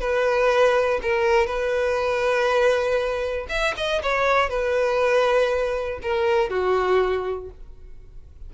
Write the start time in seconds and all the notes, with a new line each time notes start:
0.00 B4
1.02 A#4
1.46 B4
3.49 E5
3.77 D#5
4.02 C#5
4.49 B4
6.02 A#4
6.50 F#4